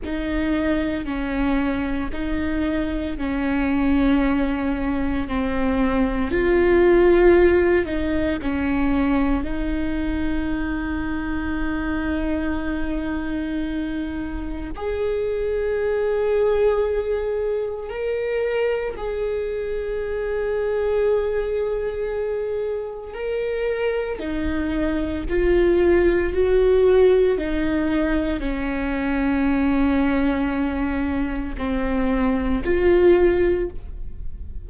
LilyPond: \new Staff \with { instrumentName = "viola" } { \time 4/4 \tempo 4 = 57 dis'4 cis'4 dis'4 cis'4~ | cis'4 c'4 f'4. dis'8 | cis'4 dis'2.~ | dis'2 gis'2~ |
gis'4 ais'4 gis'2~ | gis'2 ais'4 dis'4 | f'4 fis'4 dis'4 cis'4~ | cis'2 c'4 f'4 | }